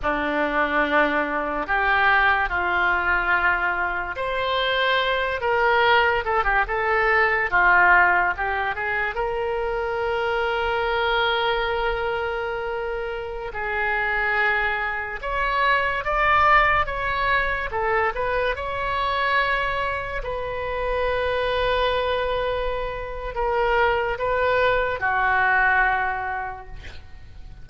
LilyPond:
\new Staff \with { instrumentName = "oboe" } { \time 4/4 \tempo 4 = 72 d'2 g'4 f'4~ | f'4 c''4. ais'4 a'16 g'16 | a'4 f'4 g'8 gis'8 ais'4~ | ais'1~ |
ais'16 gis'2 cis''4 d''8.~ | d''16 cis''4 a'8 b'8 cis''4.~ cis''16~ | cis''16 b'2.~ b'8. | ais'4 b'4 fis'2 | }